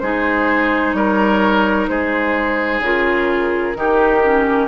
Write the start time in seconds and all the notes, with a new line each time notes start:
0.00 G#3 D#4 G#4 C5
0.93 G3 A#4 C#5
1.88 G#3 G#4 C5
2.80 C#3 F4 A#4
3.76 D#3 D#4 G4
4.23 C#4